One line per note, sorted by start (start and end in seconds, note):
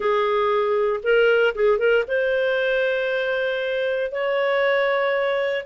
0.00 1.00 G#4
1.03 1.54 A#4
1.55 1.78 G#4
1.78 2.04 A#4
2.07 4.11 C5
4.11 5.65 C#5